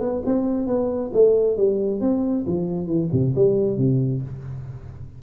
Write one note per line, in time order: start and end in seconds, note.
0.00 0.22 B3
0.25 0.67 C4
0.67 1.11 B3
1.13 1.57 A3
1.57 2.01 G3
2.01 2.45 C4
2.46 2.86 F3
2.86 3.08 E3
3.12 3.34 C3
3.35 3.77 G3
3.77 4.21 C3